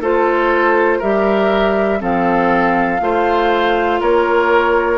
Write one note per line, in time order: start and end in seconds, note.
0.00 1.00 A3
0.00 1.01 F4
0.00 0.98 A4
0.00 1.01 C5
0.98 2.01 G3
0.98 1.99 G4
0.98 1.98 A#4
0.98 2.01 E5
1.99 3.00 F3
1.99 2.99 C4
1.99 3.01 A4
1.99 4.02 F5
3.00 4.00 A3
3.00 4.97 F4
3.00 4.00 C5
4.00 4.97 A#3
4.00 4.97 A#4
4.00 4.97 C#5